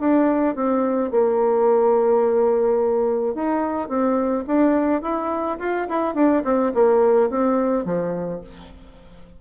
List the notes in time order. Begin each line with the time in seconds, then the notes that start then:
0.00 D4
0.56 C4
1.11 A#3
3.34 D#4
3.89 C4
4.47 D4
5.02 E4
5.59 F4
5.89 E4
6.15 D4
6.44 C4
6.74 A#3
7.30 C4
7.85 F3